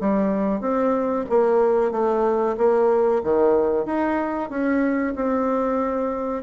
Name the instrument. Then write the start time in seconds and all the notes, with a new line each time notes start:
bassoon
0.00 G3
0.60 C4
1.29 A#3
1.91 A3
2.57 A#3
3.23 D#3
3.85 D#4
4.50 C#4
5.15 C4